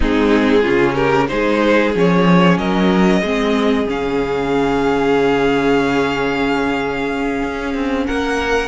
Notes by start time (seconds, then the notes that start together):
0.00 G#3 C4 D#4 G#4
0.61 C#3 C#4 F4
0.94 G4 A#4
1.28 G#3 D#4 G#4 C5
1.94 F3 C#4 C#5
2.57 F#3 A#4 D#5
3.21 G#3 C4 G#4
3.87 C#3 C#4 F5
7.42 C#4
7.74 C4
8.06 A#3 A#4 F#5